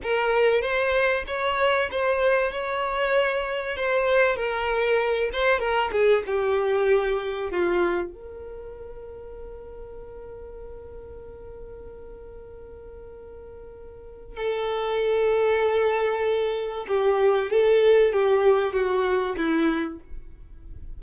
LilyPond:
\new Staff \with { instrumentName = "violin" } { \time 4/4 \tempo 4 = 96 ais'4 c''4 cis''4 c''4 | cis''2 c''4 ais'4~ | ais'8 c''8 ais'8 gis'8 g'2 | f'4 ais'2.~ |
ais'1~ | ais'2. a'4~ | a'2. g'4 | a'4 g'4 fis'4 e'4 | }